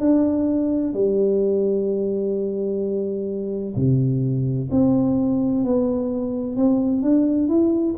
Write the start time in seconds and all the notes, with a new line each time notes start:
0.00 D4
0.94 G3
3.76 C3
4.72 C4
5.65 B3
6.57 C4
7.03 D4
7.49 E4